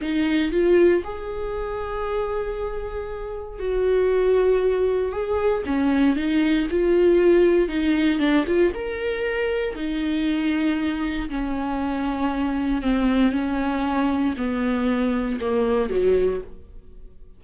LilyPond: \new Staff \with { instrumentName = "viola" } { \time 4/4 \tempo 4 = 117 dis'4 f'4 gis'2~ | gis'2. fis'4~ | fis'2 gis'4 cis'4 | dis'4 f'2 dis'4 |
d'8 f'8 ais'2 dis'4~ | dis'2 cis'2~ | cis'4 c'4 cis'2 | b2 ais4 fis4 | }